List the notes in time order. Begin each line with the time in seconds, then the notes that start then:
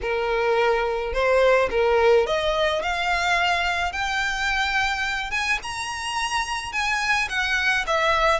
0.01 A#4
1.13 C5
1.70 A#4
2.26 D#5
2.82 F5
3.92 G5
5.30 G#5
5.63 A#5
6.72 G#5
7.29 F#5
7.86 E5